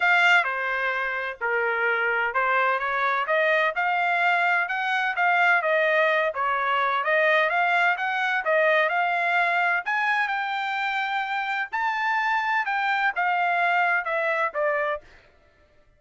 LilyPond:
\new Staff \with { instrumentName = "trumpet" } { \time 4/4 \tempo 4 = 128 f''4 c''2 ais'4~ | ais'4 c''4 cis''4 dis''4 | f''2 fis''4 f''4 | dis''4. cis''4. dis''4 |
f''4 fis''4 dis''4 f''4~ | f''4 gis''4 g''2~ | g''4 a''2 g''4 | f''2 e''4 d''4 | }